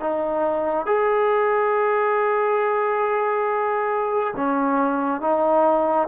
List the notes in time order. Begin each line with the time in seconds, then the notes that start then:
0.00 D#4
0.87 G#4
4.36 C#4
5.21 D#4